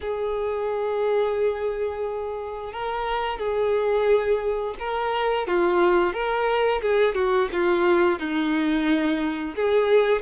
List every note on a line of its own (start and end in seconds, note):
0.00 2.72 G#4
2.72 3.38 A#4
3.38 4.75 G#4
4.79 5.47 A#4
5.47 6.13 F4
6.13 6.81 A#4
6.81 7.14 G#4
7.14 7.48 F#4
7.52 8.18 F4
8.18 9.55 D#4
9.55 10.21 G#4